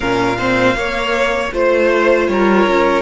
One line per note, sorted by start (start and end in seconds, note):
0.00 0.75 A#2
0.00 0.36 C#4
0.00 0.37 A#4
0.00 1.50 F5
0.38 0.75 C4
0.38 0.76 C5
0.75 1.51 A#3
0.75 1.53 C#5
1.52 2.28 A3
1.52 3.02 F4
1.52 2.27 C5
1.52 2.30 C5
2.27 2.66 G3
2.27 3.02 A#4
2.27 3.02 C#5
2.67 3.02 C#4